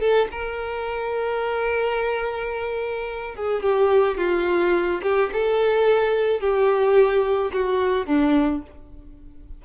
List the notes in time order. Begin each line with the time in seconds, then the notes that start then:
0.00 A4
0.31 A#4
3.35 G#4
3.62 G4
4.17 F4
5.02 G4
5.32 A4
6.40 G4
7.53 F#4
8.06 D4